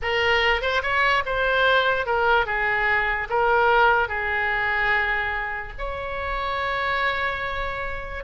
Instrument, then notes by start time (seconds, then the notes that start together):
oboe
0.02 A#4
0.61 C5
0.82 C#5
1.25 C5
2.05 A#4
2.45 G#4
3.29 A#4
4.08 G#4
5.78 C#5